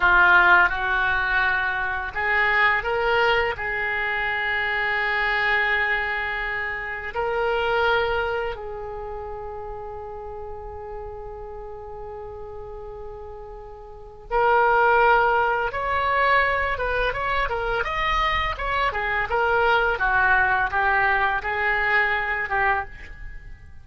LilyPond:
\new Staff \with { instrumentName = "oboe" } { \time 4/4 \tempo 4 = 84 f'4 fis'2 gis'4 | ais'4 gis'2.~ | gis'2 ais'2 | gis'1~ |
gis'1 | ais'2 cis''4. b'8 | cis''8 ais'8 dis''4 cis''8 gis'8 ais'4 | fis'4 g'4 gis'4. g'8 | }